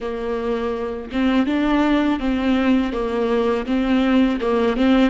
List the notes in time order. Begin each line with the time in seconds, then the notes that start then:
0.00 A#3
1.12 C4
1.46 D4
2.19 C4
2.92 A#3
3.66 C4
4.40 A#3
4.76 C4